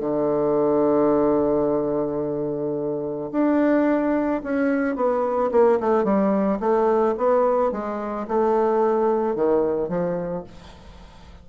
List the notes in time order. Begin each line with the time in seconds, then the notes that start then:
0.00 D3
3.32 D4
4.44 C#4
4.96 B3
5.52 A#3
5.80 A3
6.04 G3
6.60 A3
7.18 B3
7.72 G#3
8.28 A3
9.36 D#3
9.89 F3